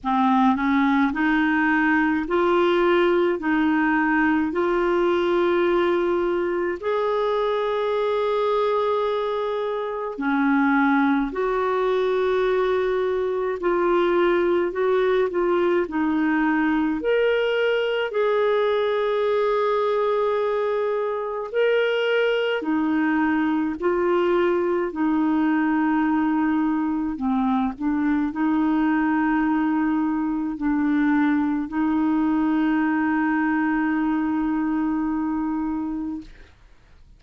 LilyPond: \new Staff \with { instrumentName = "clarinet" } { \time 4/4 \tempo 4 = 53 c'8 cis'8 dis'4 f'4 dis'4 | f'2 gis'2~ | gis'4 cis'4 fis'2 | f'4 fis'8 f'8 dis'4 ais'4 |
gis'2. ais'4 | dis'4 f'4 dis'2 | c'8 d'8 dis'2 d'4 | dis'1 | }